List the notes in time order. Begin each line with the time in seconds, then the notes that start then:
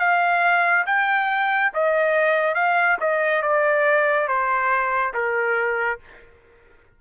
0.00 F5
0.87 G5
1.74 D#5
2.55 F5
3.01 D#5
3.42 D5
4.28 C5
5.14 A#4